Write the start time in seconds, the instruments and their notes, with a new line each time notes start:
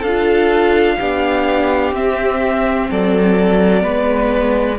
0.00 cello D4, violin A4 F5
0.08 viola F4
0.99 cello B3, viola D4, violin G4
1.92 cello C4, viola C4, violin E5
2.90 cello F#3, violin A4 D5
3.81 cello G#3, viola B3, violin B4